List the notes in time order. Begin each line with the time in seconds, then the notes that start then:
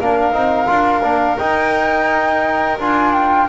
0.00 A#3 D4 A#4 F5
0.32 C4 D#4
0.66 D4 F4
1.03 A#3 D4
1.38 D#4 G5
2.79 D4 F4 G#5
3.13 G5